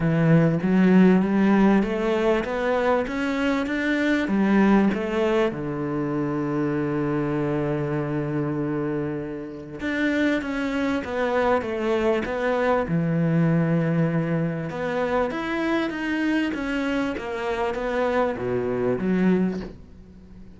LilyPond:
\new Staff \with { instrumentName = "cello" } { \time 4/4 \tempo 4 = 98 e4 fis4 g4 a4 | b4 cis'4 d'4 g4 | a4 d2.~ | d1 |
d'4 cis'4 b4 a4 | b4 e2. | b4 e'4 dis'4 cis'4 | ais4 b4 b,4 fis4 | }